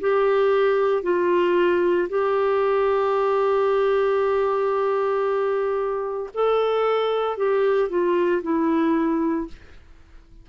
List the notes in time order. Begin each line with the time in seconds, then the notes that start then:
0.00 G4
1.02 F4
2.09 G4
6.33 A4
7.37 G4
7.89 F4
8.42 E4